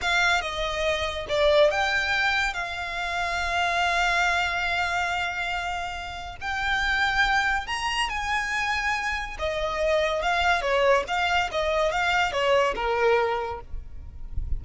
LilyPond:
\new Staff \with { instrumentName = "violin" } { \time 4/4 \tempo 4 = 141 f''4 dis''2 d''4 | g''2 f''2~ | f''1~ | f''2. g''4~ |
g''2 ais''4 gis''4~ | gis''2 dis''2 | f''4 cis''4 f''4 dis''4 | f''4 cis''4 ais'2 | }